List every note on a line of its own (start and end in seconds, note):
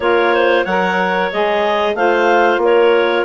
0.00 0.64 A#3
0.00 0.66 F4
0.00 0.34 A#4
0.00 0.64 C#5
0.34 0.63 C5
0.63 1.31 F#3
0.63 1.32 A#4
0.63 1.94 C#5
0.63 1.30 F#5
1.32 1.94 G#3
1.32 1.96 G#4
1.32 1.95 D#5
1.94 2.57 A3
1.94 3.24 F4
1.94 2.62 C5
1.94 2.60 F5
2.57 3.22 A#3
2.57 3.24 A#4
2.64 3.24 C#5